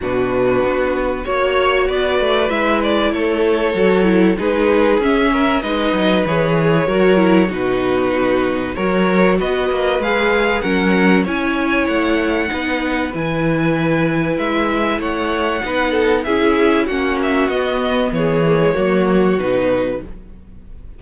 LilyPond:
<<
  \new Staff \with { instrumentName = "violin" } { \time 4/4 \tempo 4 = 96 b'2 cis''4 d''4 | e''8 d''8 cis''2 b'4 | e''4 dis''4 cis''2 | b'2 cis''4 dis''4 |
f''4 fis''4 gis''4 fis''4~ | fis''4 gis''2 e''4 | fis''2 e''4 fis''8 e''8 | dis''4 cis''2 b'4 | }
  \new Staff \with { instrumentName = "violin" } { \time 4/4 fis'2 cis''4 b'4~ | b'4 a'2 gis'4~ | gis'8 ais'8 b'2 ais'4 | fis'2 ais'4 b'4~ |
b'4 ais'4 cis''2 | b'1 | cis''4 b'8 a'8 gis'4 fis'4~ | fis'4 gis'4 fis'2 | }
  \new Staff \with { instrumentName = "viola" } { \time 4/4 d'2 fis'2 | e'2 fis'8 e'8 dis'4 | cis'4 dis'4 gis'4 fis'8 e'8 | dis'2 fis'2 |
gis'4 cis'4 e'2 | dis'4 e'2.~ | e'4 dis'4 e'4 cis'4 | b4. ais16 gis16 ais4 dis'4 | }
  \new Staff \with { instrumentName = "cello" } { \time 4/4 b,4 b4 ais4 b8 a8 | gis4 a4 fis4 gis4 | cis'4 gis8 fis8 e4 fis4 | b,2 fis4 b8 ais8 |
gis4 fis4 cis'4 a4 | b4 e2 gis4 | a4 b4 cis'4 ais4 | b4 e4 fis4 b,4 | }
>>